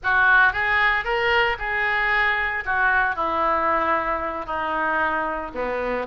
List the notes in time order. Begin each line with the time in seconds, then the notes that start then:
0.03 F#4
0.52 G#4
1.04 A#4
1.58 G#4
2.65 F#4
3.15 E4
4.46 D#4
5.54 B3